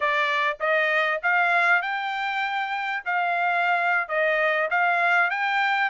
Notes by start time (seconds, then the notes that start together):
0.00 D5
0.60 D#5
1.22 F5
1.82 G5
3.05 F5
4.08 D#5
4.70 F5
5.30 G5